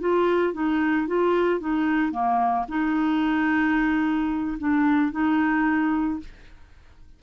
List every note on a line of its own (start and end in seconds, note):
0.00 0.53 F4
0.53 1.07 D#4
1.07 1.60 F4
1.60 2.12 D#4
2.12 2.66 A#3
2.68 4.57 D#4
4.58 5.12 D4
5.12 6.20 D#4